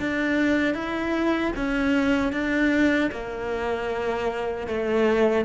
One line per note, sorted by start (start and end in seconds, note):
0.00 0.75 D4
0.75 1.53 E4
1.56 2.33 C#4
2.33 3.11 D4
3.12 4.68 A#3
4.68 5.45 A3